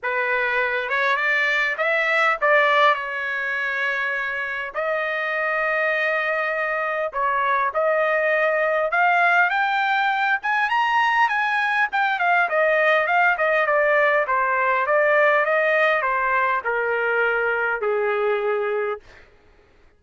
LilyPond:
\new Staff \with { instrumentName = "trumpet" } { \time 4/4 \tempo 4 = 101 b'4. cis''8 d''4 e''4 | d''4 cis''2. | dis''1 | cis''4 dis''2 f''4 |
g''4. gis''8 ais''4 gis''4 | g''8 f''8 dis''4 f''8 dis''8 d''4 | c''4 d''4 dis''4 c''4 | ais'2 gis'2 | }